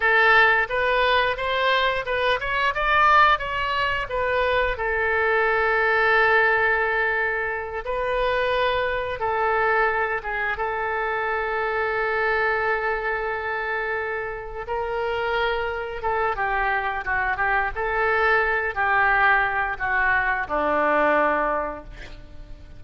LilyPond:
\new Staff \with { instrumentName = "oboe" } { \time 4/4 \tempo 4 = 88 a'4 b'4 c''4 b'8 cis''8 | d''4 cis''4 b'4 a'4~ | a'2.~ a'8 b'8~ | b'4. a'4. gis'8 a'8~ |
a'1~ | a'4. ais'2 a'8 | g'4 fis'8 g'8 a'4. g'8~ | g'4 fis'4 d'2 | }